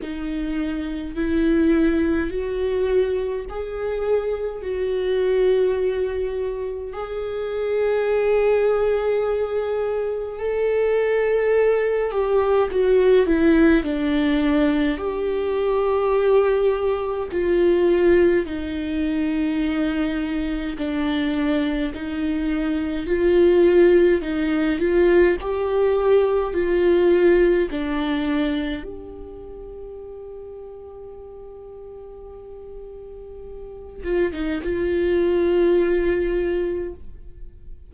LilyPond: \new Staff \with { instrumentName = "viola" } { \time 4/4 \tempo 4 = 52 dis'4 e'4 fis'4 gis'4 | fis'2 gis'2~ | gis'4 a'4. g'8 fis'8 e'8 | d'4 g'2 f'4 |
dis'2 d'4 dis'4 | f'4 dis'8 f'8 g'4 f'4 | d'4 g'2.~ | g'4. f'16 dis'16 f'2 | }